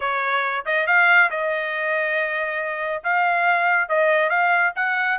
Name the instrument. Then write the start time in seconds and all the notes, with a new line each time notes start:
trumpet
0.00 C#5
0.65 D#5
0.86 F5
1.30 D#5
3.03 F5
3.88 D#5
4.29 F5
4.75 F#5